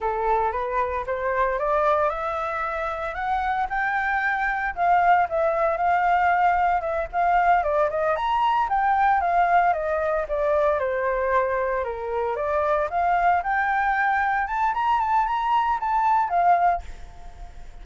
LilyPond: \new Staff \with { instrumentName = "flute" } { \time 4/4 \tempo 4 = 114 a'4 b'4 c''4 d''4 | e''2 fis''4 g''4~ | g''4 f''4 e''4 f''4~ | f''4 e''8 f''4 d''8 dis''8 ais''8~ |
ais''8 g''4 f''4 dis''4 d''8~ | d''8 c''2 ais'4 d''8~ | d''8 f''4 g''2 a''8 | ais''8 a''8 ais''4 a''4 f''4 | }